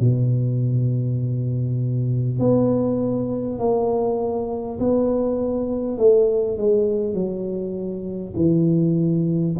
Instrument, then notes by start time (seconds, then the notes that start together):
tuba
0.00 B2
2.39 B3
3.58 A#3
4.79 B3
5.97 A3
6.57 G#3
7.14 F#3
8.36 E3